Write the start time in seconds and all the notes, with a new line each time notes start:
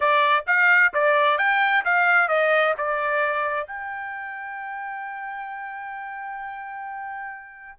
0.00 D5
0.46 F5
0.93 D5
1.38 G5
1.84 F5
2.28 D#5
2.77 D5
3.67 G5